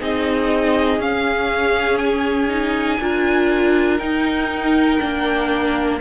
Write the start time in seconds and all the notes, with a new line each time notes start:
0.00 C4 D#4 G#4 D#5
0.99 C#4 F5
1.98 G#5
2.49 D#4
3.00 D4 F4 A#4
3.99 D#4 G5
5.00 A#3 D4